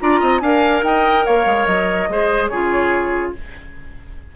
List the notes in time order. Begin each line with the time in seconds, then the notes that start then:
0.00 D4 F4 D5 A#5
0.20 C4 D#5
0.40 D4 A#4 F5 G#5
0.83 D#4 D#5 G5
1.26 A#3 C#5 F5
1.46 G#3
1.66 F#3 D#5
2.09 G#3 G#4 C5
2.48 C#3 F4 G#4 C#5